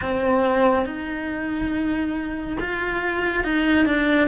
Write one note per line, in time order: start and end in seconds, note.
0.01 0.85 C4
0.85 2.57 D#4
2.59 3.44 F4
3.44 3.85 D#4
3.85 4.28 D4